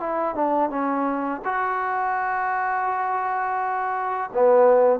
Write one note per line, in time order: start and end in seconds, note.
0.00 0.35 E4
0.35 0.70 D4
0.70 1.42 C#4
1.45 4.31 F#4
4.34 5.00 B3